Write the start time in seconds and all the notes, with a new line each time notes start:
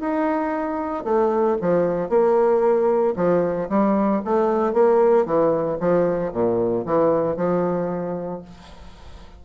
0.00 D#4
1.04 A3
1.61 F3
2.09 A#3
3.16 F3
3.69 G3
4.24 A3
4.73 A#3
5.25 E3
5.80 F3
6.32 A#2
6.85 E3
7.36 F3